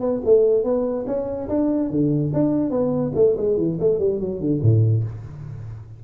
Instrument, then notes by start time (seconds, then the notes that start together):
tuba
0.00 B3
0.25 A3
0.63 B3
1.06 C#4
1.48 D4
1.90 D3
2.33 D4
2.70 B3
3.15 A3
3.37 G#3
3.57 E3
3.80 A3
3.99 G3
4.20 F#3
4.40 D3
4.62 A2